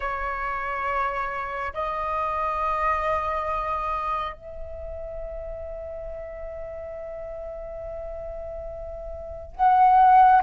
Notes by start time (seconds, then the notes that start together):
0.00 C#5
1.73 D#5
4.33 E5
9.55 F#5